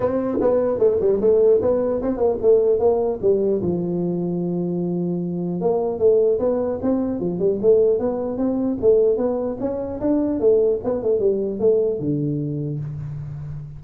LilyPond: \new Staff \with { instrumentName = "tuba" } { \time 4/4 \tempo 4 = 150 c'4 b4 a8 g8 a4 | b4 c'8 ais8 a4 ais4 | g4 f2.~ | f2 ais4 a4 |
b4 c'4 f8 g8 a4 | b4 c'4 a4 b4 | cis'4 d'4 a4 b8 a8 | g4 a4 d2 | }